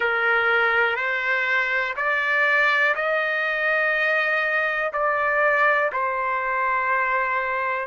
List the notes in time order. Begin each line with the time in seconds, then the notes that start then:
0.00 A#4
0.96 C5
1.96 D5
2.95 D#5
4.92 D5
5.92 C5